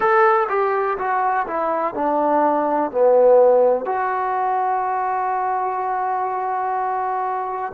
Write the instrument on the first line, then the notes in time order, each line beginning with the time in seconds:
trombone
0.00 A4
0.49 G4
0.98 F#4
1.47 E4
1.94 D4
2.91 B3
3.85 F#4